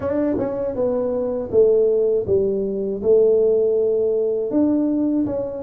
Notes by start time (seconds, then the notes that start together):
0.00 D4
0.38 C#4
0.75 B3
1.51 A3
2.27 G3
3.02 A3
4.50 D4
5.25 C#4